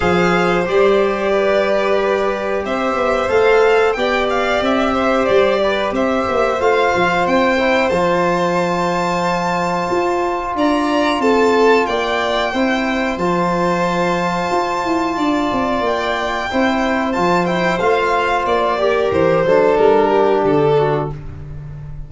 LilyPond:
<<
  \new Staff \with { instrumentName = "violin" } { \time 4/4 \tempo 4 = 91 f''4 d''2. | e''4 f''4 g''8 f''8 e''4 | d''4 e''4 f''4 g''4 | a''1 |
ais''4 a''4 g''2 | a''1 | g''2 a''8 g''8 f''4 | d''4 c''4 ais'4 a'4 | }
  \new Staff \with { instrumentName = "violin" } { \time 4/4 c''2 b'2 | c''2 d''4. c''8~ | c''8 b'8 c''2.~ | c''1 |
d''4 a'4 d''4 c''4~ | c''2. d''4~ | d''4 c''2.~ | c''8 ais'4 a'4 g'4 fis'8 | }
  \new Staff \with { instrumentName = "trombone" } { \time 4/4 gis'4 g'2.~ | g'4 a'4 g'2~ | g'2 f'4. e'8 | f'1~ |
f'2. e'4 | f'1~ | f'4 e'4 f'8 e'8 f'4~ | f'8 g'4 d'2~ d'8 | }
  \new Staff \with { instrumentName = "tuba" } { \time 4/4 f4 g2. | c'8 b8 a4 b4 c'4 | g4 c'8 ais8 a8 f8 c'4 | f2. f'4 |
d'4 c'4 ais4 c'4 | f2 f'8 e'8 d'8 c'8 | ais4 c'4 f4 a4 | ais4 e8 fis8 g4 d4 | }
>>